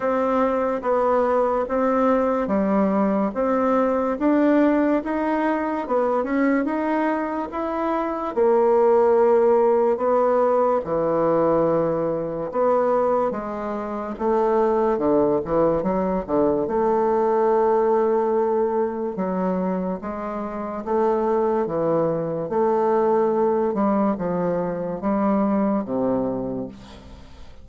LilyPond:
\new Staff \with { instrumentName = "bassoon" } { \time 4/4 \tempo 4 = 72 c'4 b4 c'4 g4 | c'4 d'4 dis'4 b8 cis'8 | dis'4 e'4 ais2 | b4 e2 b4 |
gis4 a4 d8 e8 fis8 d8 | a2. fis4 | gis4 a4 e4 a4~ | a8 g8 f4 g4 c4 | }